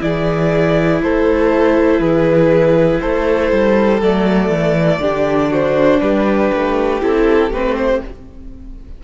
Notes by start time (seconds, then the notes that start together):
0.00 E3 E4 G#4 D5
1.02 A3 A4 C5
1.99 E3 G#4 B4
3.00 A3 A4 C5
3.51 G3
4.01 F#3 A3 D5
4.49 E3
4.99 D3 D4 G4
5.50 F#4 C5
6.00 G3 G4 B4
6.53 A3
7.00 C4 E4 A4
7.50 A3 C4 B4
7.76 C5